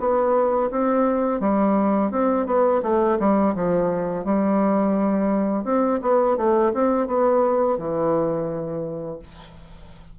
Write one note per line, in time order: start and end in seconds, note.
0.00 0.71 B3
0.71 1.41 C4
1.41 2.11 G3
2.11 2.46 C4
2.46 2.82 B3
2.83 3.19 A3
3.20 3.55 G3
3.56 4.25 F3
4.25 5.65 G3
5.65 6.00 C4
6.02 6.37 B3
6.38 6.73 A3
6.74 7.07 C4
7.07 7.78 B3
7.78 9.19 E3